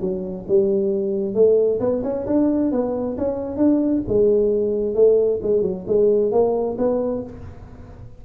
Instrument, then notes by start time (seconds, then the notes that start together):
tuba
0.00 F#3
0.48 G3
1.34 A3
1.79 B3
2.03 C#4
2.26 D4
2.71 B3
3.17 C#4
3.56 D4
4.07 G#3
4.95 A3
5.42 G#3
5.62 F#3
5.87 G#3
6.31 A#3
6.78 B3